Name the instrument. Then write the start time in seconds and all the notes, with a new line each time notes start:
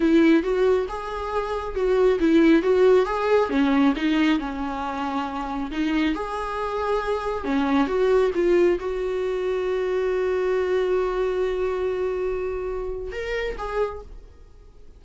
viola
0.00 E4
0.42 F#4
0.88 G#4
1.75 F#4
2.19 E4
2.62 F#4
3.05 G#4
3.49 C#4
3.96 D#4
4.39 C#4
5.71 D#4
6.15 G#4
7.44 C#4
7.87 F#4
8.35 F4
8.79 F#4
13.12 A#4
13.57 G#4